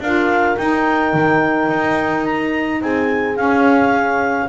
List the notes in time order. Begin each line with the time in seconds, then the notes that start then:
0.00 D4 F4 A#4 F5
0.57 D#4 G5
1.13 D#3
1.69 D#4
2.25 A#5
2.81 C4 G#4 G#5
3.35 C#4 F5